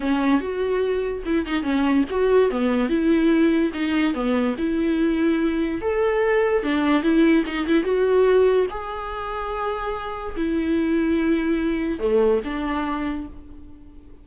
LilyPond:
\new Staff \with { instrumentName = "viola" } { \time 4/4 \tempo 4 = 145 cis'4 fis'2 e'8 dis'8 | cis'4 fis'4 b4 e'4~ | e'4 dis'4 b4 e'4~ | e'2 a'2 |
d'4 e'4 dis'8 e'8 fis'4~ | fis'4 gis'2.~ | gis'4 e'2.~ | e'4 a4 d'2 | }